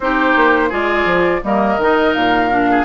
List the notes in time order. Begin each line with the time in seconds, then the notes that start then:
0.00 C4 D#4 G4 C5
0.35 A#3
0.69 G#3 F4 G#4 D5
1.05 F3
1.43 G3 A#3 A#4 D#5
1.77 D#3 D#4
2.13 A#2 F5
2.50 D4
2.70 G#4